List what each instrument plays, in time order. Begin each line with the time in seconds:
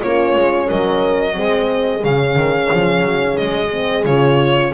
0.00 double bass A#3, horn C#4 F4, violin C#5
0.36 double bass G#3
0.67 double bass F#3, horn A#4, violin D#5
1.34 double bass G#3, horn C4 G#4
2.02 double bass C#3, horn C#4, violin F5
2.36 double bass D#3
2.74 double bass F3
3.01 double bass F#3
3.37 double bass G#3, violin D#5
3.72 horn C4
4.06 double bass C#3, horn F4, violin C#5